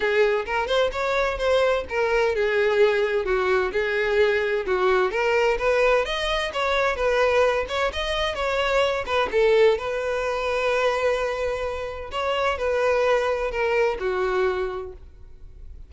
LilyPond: \new Staff \with { instrumentName = "violin" } { \time 4/4 \tempo 4 = 129 gis'4 ais'8 c''8 cis''4 c''4 | ais'4 gis'2 fis'4 | gis'2 fis'4 ais'4 | b'4 dis''4 cis''4 b'4~ |
b'8 cis''8 dis''4 cis''4. b'8 | a'4 b'2.~ | b'2 cis''4 b'4~ | b'4 ais'4 fis'2 | }